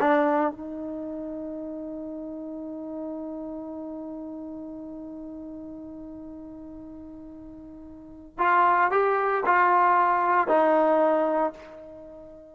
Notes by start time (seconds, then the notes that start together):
0.00 D4
0.52 D#4
8.39 F4
8.91 G4
9.46 F4
10.48 D#4